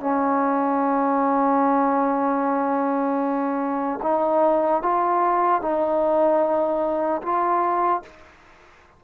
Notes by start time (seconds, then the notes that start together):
0.00 C#4
4.02 D#4
4.82 F4
5.61 D#4
7.22 F4